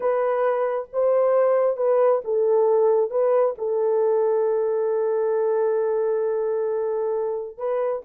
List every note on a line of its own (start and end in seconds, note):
0.00 0.88 B4
0.92 1.76 C5
1.76 2.21 B4
2.24 3.10 A4
3.10 3.54 B4
3.58 7.57 A4
7.57 8.02 B4